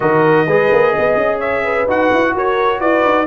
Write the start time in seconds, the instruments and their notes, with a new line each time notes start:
0.00 tuba D#3, trombone F#4, horn A#4, trumpet D#5
0.46 tuba G#3, trombone G#4, horn B4
0.71 tuba A#3
0.90 horn D#5
0.98 tuba B3
1.16 tuba C#4
1.39 horn C#5, trumpet E5
1.63 horn B4
1.87 tuba D#4, trombone F#4, trumpet F#5
2.13 tuba E4
2.34 tuba F#4, horn A#4, trumpet C#5
2.79 tuba E4, horn B4, trumpet D5
3.04 tuba D#4